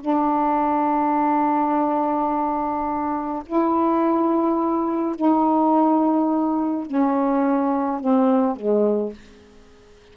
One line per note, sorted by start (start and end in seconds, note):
0.00 3.43 D4
3.46 5.16 E4
5.16 6.86 D#4
6.86 8.00 C#4
8.00 8.56 C4
8.56 9.13 G#3